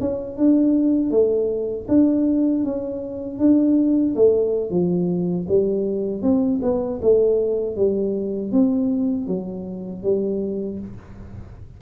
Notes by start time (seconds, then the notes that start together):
0.00 C#4
0.37 D4
1.10 A3
1.88 D4
2.64 C#4
3.38 D4
4.15 A3
4.70 F3
5.48 G3
6.22 C4
6.62 B3
7.01 A3
7.76 G3
8.52 C4
9.27 F#3
10.03 G3